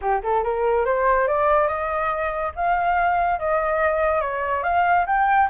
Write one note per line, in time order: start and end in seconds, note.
0.01 0.22 G4
0.23 0.43 A4
0.43 0.85 A#4
0.85 1.27 C5
1.27 1.67 D5
1.67 2.52 D#5
2.55 3.39 F5
3.39 4.21 D#5
4.21 4.63 C#5
4.63 5.05 F5
5.06 5.48 G5